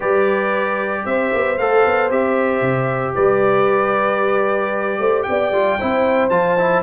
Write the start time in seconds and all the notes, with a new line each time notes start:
0.00 G3 G4 B4 D5
1.05 C4 C5 E5
1.33 B3
1.57 A3 A4 F5
1.85 B3
2.10 C4 G4 E5
2.61 C3
3.14 G3 B4 D5
4.99 A3 C5
5.23 G5
5.29 B3 D5
5.51 G3 F4
5.79 C4 E4 C5
6.29 F3 F4 A5
6.58 E4